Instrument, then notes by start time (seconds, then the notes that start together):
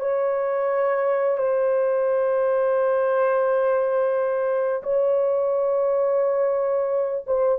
horn
0.00 C#5
1.38 C5
4.83 C#5
7.26 C5